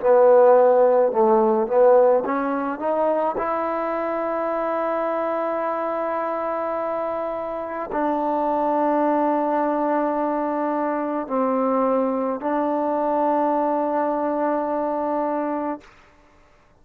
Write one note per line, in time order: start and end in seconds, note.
0.00 1.12 B3
1.12 1.67 A3
1.67 2.23 B3
2.25 2.79 C#4
2.79 3.36 D#4
3.38 7.90 E4
7.92 11.27 D4
11.27 12.40 C4
12.41 15.80 D4